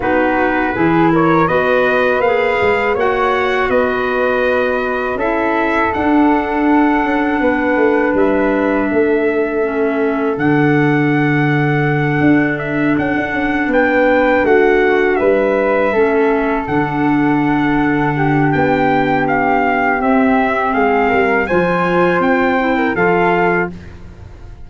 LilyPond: <<
  \new Staff \with { instrumentName = "trumpet" } { \time 4/4 \tempo 4 = 81 b'4. cis''8 dis''4 f''4 | fis''4 dis''2 e''4 | fis''2. e''4~ | e''2 fis''2~ |
fis''4 e''8 fis''4 g''4 fis''8~ | fis''8 e''2 fis''4.~ | fis''4 g''4 f''4 e''4 | f''4 gis''4 g''4 f''4 | }
  \new Staff \with { instrumentName = "flute" } { \time 4/4 fis'4 gis'8 ais'8 b'2 | cis''4 b'2 a'4~ | a'2 b'2 | a'1~ |
a'2~ a'8 b'4 fis'8~ | fis'8 b'4 a'2~ a'8~ | a'8 g'2.~ g'8 | gis'8 ais'8 c''4.~ c''16 ais'16 a'4 | }
  \new Staff \with { instrumentName = "clarinet" } { \time 4/4 dis'4 e'4 fis'4 gis'4 | fis'2. e'4 | d'1~ | d'4 cis'4 d'2~ |
d'1~ | d'4. cis'4 d'4.~ | d'2. c'4~ | c'4 f'4. e'8 f'4 | }
  \new Staff \with { instrumentName = "tuba" } { \time 4/4 b4 e4 b4 ais8 gis8 | ais4 b2 cis'4 | d'4. cis'8 b8 a8 g4 | a2 d2~ |
d8 d'4 cis'16 d'16 cis'8 b4 a8~ | a8 g4 a4 d4.~ | d4 b2 c'4 | gis8 g8 f4 c'4 f4 | }
>>